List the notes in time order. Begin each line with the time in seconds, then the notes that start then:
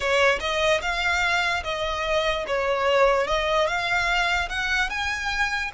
0.00 C#5
0.40 D#5
0.81 F5
1.63 D#5
2.47 C#5
3.27 D#5
3.67 F5
4.49 F#5
4.89 G#5